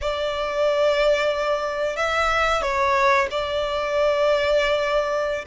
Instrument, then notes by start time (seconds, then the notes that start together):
violin
0.01 D5
1.96 E5
2.61 C#5
3.31 D5